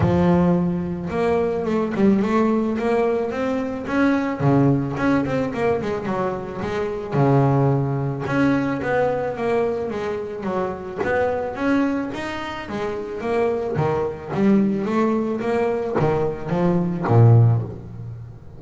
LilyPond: \new Staff \with { instrumentName = "double bass" } { \time 4/4 \tempo 4 = 109 f2 ais4 a8 g8 | a4 ais4 c'4 cis'4 | cis4 cis'8 c'8 ais8 gis8 fis4 | gis4 cis2 cis'4 |
b4 ais4 gis4 fis4 | b4 cis'4 dis'4 gis4 | ais4 dis4 g4 a4 | ais4 dis4 f4 ais,4 | }